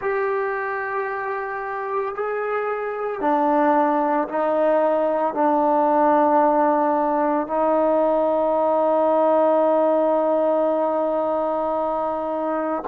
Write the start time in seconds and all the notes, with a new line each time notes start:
0.01 G4
2.14 G#4
3.20 D4
4.28 D#4
5.34 D4
7.47 D#4